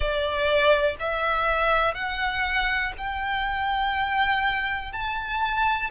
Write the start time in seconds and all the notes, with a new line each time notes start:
0.00 D5
0.99 E5
1.94 F#5
2.97 G5
4.92 A5